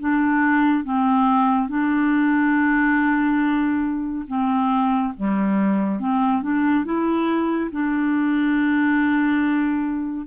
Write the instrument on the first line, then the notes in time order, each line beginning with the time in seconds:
clarinet
0.00 D4
0.84 C4
1.69 D4
4.28 C4
5.17 G3
6.00 C4
6.43 D4
6.85 E4
7.72 D4